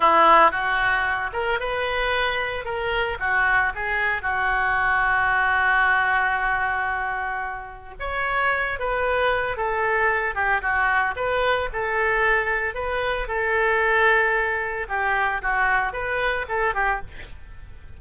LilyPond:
\new Staff \with { instrumentName = "oboe" } { \time 4/4 \tempo 4 = 113 e'4 fis'4. ais'8 b'4~ | b'4 ais'4 fis'4 gis'4 | fis'1~ | fis'2. cis''4~ |
cis''8 b'4. a'4. g'8 | fis'4 b'4 a'2 | b'4 a'2. | g'4 fis'4 b'4 a'8 g'8 | }